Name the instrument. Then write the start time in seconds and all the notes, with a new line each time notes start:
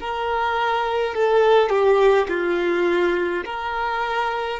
violin
0.00 A#4
1.14 A4
1.69 G4
2.29 F4
3.45 A#4